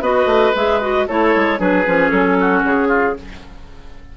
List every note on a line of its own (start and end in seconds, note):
0.00 0.25 B3
0.00 0.53 F#4
0.00 1.06 B4
0.00 0.55 D#5
0.25 0.51 A3
0.55 1.07 G#3
0.55 0.81 G#4
0.55 0.80 E5
0.80 1.07 F#4
0.80 1.06 D#5
1.07 1.35 A3
1.07 1.57 E4
1.07 1.59 A4
1.07 1.60 C#5
1.36 1.59 G#3
1.57 1.85 F#3
1.57 1.84 D4
1.57 2.37 G#4
1.57 2.09 B4
1.86 2.11 F3
1.86 3.16 C#4
2.09 2.63 F#3
2.09 2.61 A4
2.40 2.88 F#4
2.64 3.16 C#3
2.64 3.17 G#4
2.88 3.14 F4